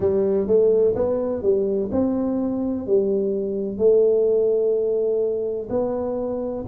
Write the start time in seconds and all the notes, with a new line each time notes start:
0.00 G3
0.47 A3
0.95 B3
1.42 G3
1.91 C4
2.86 G3
3.77 A3
5.69 B3